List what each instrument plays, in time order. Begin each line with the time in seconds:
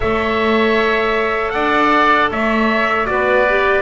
0.00 double bass A3, clarinet A4, oboe C#5, trumpet E5
1.50 double bass D4, oboe D5, trumpet F#5
2.30 double bass A3, oboe C#5, trumpet E5
3.06 double bass B3, clarinet F#4, oboe B4, trumpet D5
3.49 clarinet G4